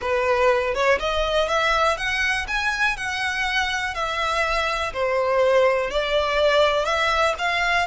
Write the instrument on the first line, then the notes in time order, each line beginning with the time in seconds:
violin
0.01 B4
0.74 C#5
0.99 D#5
1.48 E5
1.97 F#5
2.47 G#5
2.96 F#5
3.94 E5
4.93 C5
5.90 D5
6.85 E5
7.38 F5